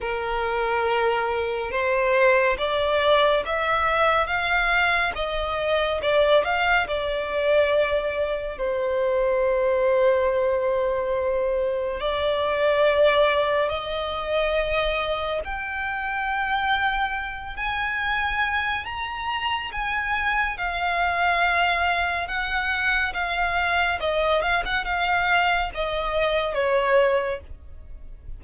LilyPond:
\new Staff \with { instrumentName = "violin" } { \time 4/4 \tempo 4 = 70 ais'2 c''4 d''4 | e''4 f''4 dis''4 d''8 f''8 | d''2 c''2~ | c''2 d''2 |
dis''2 g''2~ | g''8 gis''4. ais''4 gis''4 | f''2 fis''4 f''4 | dis''8 f''16 fis''16 f''4 dis''4 cis''4 | }